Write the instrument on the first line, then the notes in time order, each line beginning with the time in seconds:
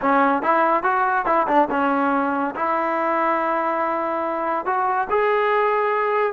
trombone
0.01 C#4
0.42 E4
0.83 F#4
1.25 E4
1.47 D4
1.70 C#4
2.55 E4
4.65 F#4
5.10 G#4